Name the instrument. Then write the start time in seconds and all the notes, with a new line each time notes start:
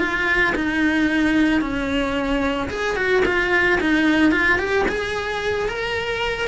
cello
0.00 F4
0.56 D#4
1.61 C#4
2.70 G#4
2.97 F#4
3.26 F4
3.81 D#4
4.32 F4
4.59 G4
4.89 G#4
5.69 A#4